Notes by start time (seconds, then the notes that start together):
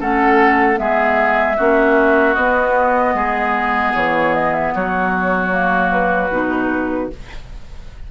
0.00 A3 C#4 A4 F#5
0.76 G#3 B3 G#4 E5
1.57 A#3 C#4 F#4
2.34 B3 D#5
3.14 G#3 G#4
3.95 E3 C#5
4.34 D#5
4.53 E5
4.75 F#3 F#4 C#5
5.51 A#3
5.92 B4
6.31 B2 D#4